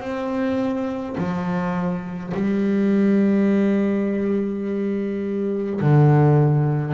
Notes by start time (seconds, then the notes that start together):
0.00 C4
1.17 F3
2.34 G3
5.81 D3